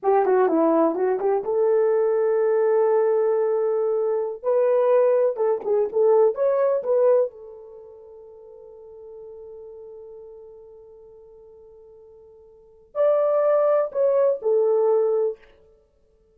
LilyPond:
\new Staff \with { instrumentName = "horn" } { \time 4/4 \tempo 4 = 125 g'8 fis'8 e'4 fis'8 g'8 a'4~ | a'1~ | a'4~ a'16 b'2 a'8 gis'16~ | gis'16 a'4 cis''4 b'4 a'8.~ |
a'1~ | a'1~ | a'2. d''4~ | d''4 cis''4 a'2 | }